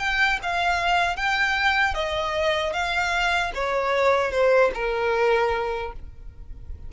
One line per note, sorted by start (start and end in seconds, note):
0.00 0.39 G5
0.43 1.16 F5
1.16 1.94 G5
1.94 2.73 D#5
2.73 3.52 F5
3.55 4.32 C#5
4.32 4.71 C5
4.74 5.93 A#4